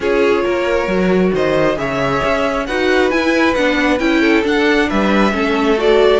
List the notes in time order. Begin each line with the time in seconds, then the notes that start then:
0.00 C#4 F4 G#4 C#5
0.44 A#3 A#4
0.87 F#3 F#4
1.33 D#3 C5 D#5
1.76 C#3 G#4 C#5 E5
2.24 C#4
2.65 D#4 F#4 B4 F#5
3.10 E4 G#5
3.54 B3 D4 F#5
3.99 C#4 E4 G5
4.21 A4
4.43 D4 F#5
4.89 G3 B4 E5
5.31 A3 C#4 A4
5.77 F#4 D5